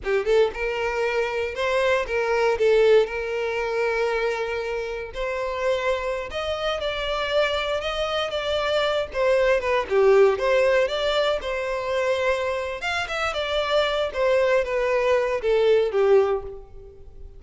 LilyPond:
\new Staff \with { instrumentName = "violin" } { \time 4/4 \tempo 4 = 117 g'8 a'8 ais'2 c''4 | ais'4 a'4 ais'2~ | ais'2 c''2~ | c''16 dis''4 d''2 dis''8.~ |
dis''16 d''4. c''4 b'8 g'8.~ | g'16 c''4 d''4 c''4.~ c''16~ | c''4 f''8 e''8 d''4. c''8~ | c''8 b'4. a'4 g'4 | }